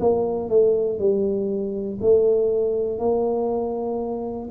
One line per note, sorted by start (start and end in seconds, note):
0.00 0.50 A#3
0.50 0.99 A3
0.99 1.99 G3
2.01 2.99 A3
2.99 4.49 A#3